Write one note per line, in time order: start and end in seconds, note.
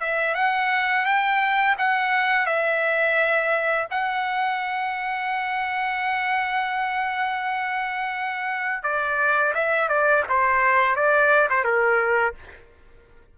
0.00 0.34 E5
0.34 1.05 F#5
1.05 1.76 G5
1.78 2.46 F#5
2.46 3.87 E5
3.90 8.83 F#5
8.83 9.53 D5
9.54 9.88 E5
9.88 10.24 D5
10.29 10.95 C5
10.95 11.48 D5
11.49 11.64 C5
11.64 12.34 A#4